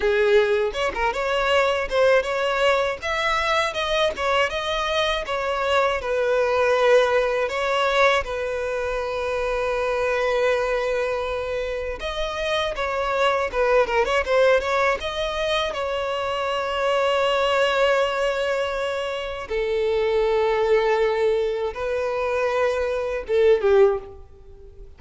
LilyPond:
\new Staff \with { instrumentName = "violin" } { \time 4/4 \tempo 4 = 80 gis'4 cis''16 ais'16 cis''4 c''8 cis''4 | e''4 dis''8 cis''8 dis''4 cis''4 | b'2 cis''4 b'4~ | b'1 |
dis''4 cis''4 b'8 ais'16 cis''16 c''8 cis''8 | dis''4 cis''2.~ | cis''2 a'2~ | a'4 b'2 a'8 g'8 | }